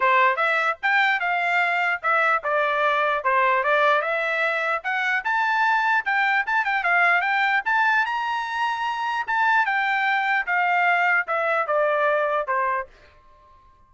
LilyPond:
\new Staff \with { instrumentName = "trumpet" } { \time 4/4 \tempo 4 = 149 c''4 e''4 g''4 f''4~ | f''4 e''4 d''2 | c''4 d''4 e''2 | fis''4 a''2 g''4 |
a''8 g''8 f''4 g''4 a''4 | ais''2. a''4 | g''2 f''2 | e''4 d''2 c''4 | }